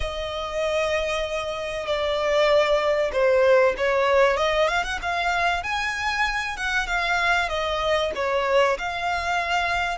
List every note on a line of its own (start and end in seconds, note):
0.00 1.86 D#5
1.86 3.11 D5
3.12 3.74 C5
3.77 4.37 C#5
4.37 4.67 D#5
4.67 4.83 F5
4.83 4.99 F#5
5.02 5.63 F5
5.63 6.56 G#5
6.56 6.87 F#5
6.87 7.49 F5
7.49 8.11 D#5
8.15 8.77 C#5
8.78 9.98 F5